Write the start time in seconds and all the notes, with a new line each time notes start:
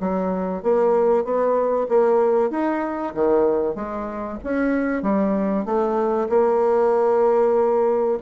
0.00 F#3
0.63 A#3
1.24 B3
1.89 A#3
2.50 D#4
3.14 D#3
3.75 G#3
4.44 C#4
5.02 G3
5.65 A3
6.29 A#3